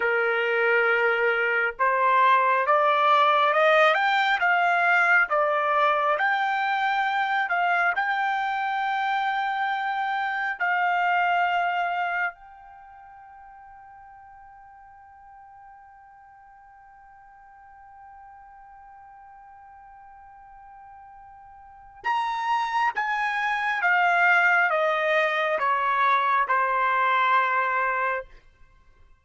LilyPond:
\new Staff \with { instrumentName = "trumpet" } { \time 4/4 \tempo 4 = 68 ais'2 c''4 d''4 | dis''8 g''8 f''4 d''4 g''4~ | g''8 f''8 g''2. | f''2 g''2~ |
g''1~ | g''1~ | g''4 ais''4 gis''4 f''4 | dis''4 cis''4 c''2 | }